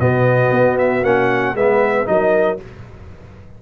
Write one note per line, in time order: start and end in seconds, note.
0.00 0.51 B2
0.00 1.04 B3
0.00 1.56 F#4
0.00 0.78 D#5
0.51 1.03 B3
0.79 1.04 E5
1.03 1.54 A#3
1.03 1.56 C#4
1.03 1.56 F#5
1.55 2.06 G#3
1.55 2.05 B3
1.55 2.08 B4
1.55 2.07 E5
2.05 2.60 F#3
2.05 2.57 D#4
2.05 2.63 A#4
2.05 2.59 D#5